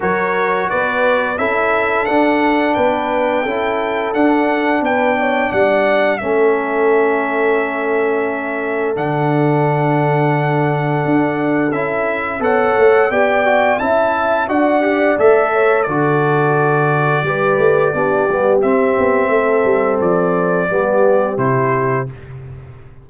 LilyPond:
<<
  \new Staff \with { instrumentName = "trumpet" } { \time 4/4 \tempo 4 = 87 cis''4 d''4 e''4 fis''4 | g''2 fis''4 g''4 | fis''4 e''2.~ | e''4 fis''2.~ |
fis''4 e''4 fis''4 g''4 | a''4 fis''4 e''4 d''4~ | d''2. e''4~ | e''4 d''2 c''4 | }
  \new Staff \with { instrumentName = "horn" } { \time 4/4 ais'4 b'4 a'2 | b'4 a'2 b'8 cis''8 | d''4 a'2.~ | a'1~ |
a'2 cis''4 d''4 | e''4 d''4. cis''8 a'4~ | a'4 b'4 g'2 | a'2 g'2 | }
  \new Staff \with { instrumentName = "trombone" } { \time 4/4 fis'2 e'4 d'4~ | d'4 e'4 d'2~ | d'4 cis'2.~ | cis'4 d'2.~ |
d'4 e'4 a'4 g'8 fis'8 | e'4 fis'8 g'8 a'4 fis'4~ | fis'4 g'4 d'8 b8 c'4~ | c'2 b4 e'4 | }
  \new Staff \with { instrumentName = "tuba" } { \time 4/4 fis4 b4 cis'4 d'4 | b4 cis'4 d'4 b4 | g4 a2.~ | a4 d2. |
d'4 cis'4 b8 a8 b4 | cis'4 d'4 a4 d4~ | d4 g8 a8 b8 g8 c'8 b8 | a8 g8 f4 g4 c4 | }
>>